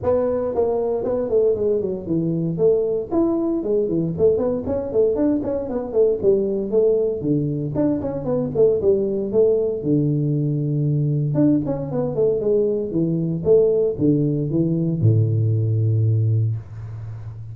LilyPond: \new Staff \with { instrumentName = "tuba" } { \time 4/4 \tempo 4 = 116 b4 ais4 b8 a8 gis8 fis8 | e4 a4 e'4 gis8 e8 | a8 b8 cis'8 a8 d'8 cis'8 b8 a8 | g4 a4 d4 d'8 cis'8 |
b8 a8 g4 a4 d4~ | d2 d'8 cis'8 b8 a8 | gis4 e4 a4 d4 | e4 a,2. | }